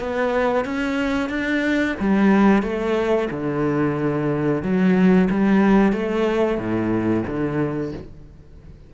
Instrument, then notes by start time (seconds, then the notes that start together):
cello
0.00 B3
0.65 C#4
1.29 D4
2.00 G3
2.63 A3
3.31 D3
4.63 F#3
5.30 G3
5.93 A3
6.58 A2
7.27 D3